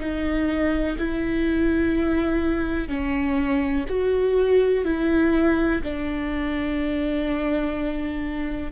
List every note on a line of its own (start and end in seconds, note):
0.00 0.97 D#4
0.99 2.88 E4
2.88 3.85 C#4
3.89 4.85 F#4
4.85 5.82 E4
5.84 8.72 D4